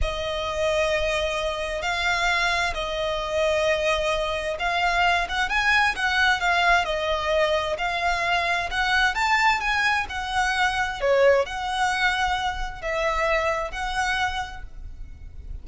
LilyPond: \new Staff \with { instrumentName = "violin" } { \time 4/4 \tempo 4 = 131 dis''1 | f''2 dis''2~ | dis''2 f''4. fis''8 | gis''4 fis''4 f''4 dis''4~ |
dis''4 f''2 fis''4 | a''4 gis''4 fis''2 | cis''4 fis''2. | e''2 fis''2 | }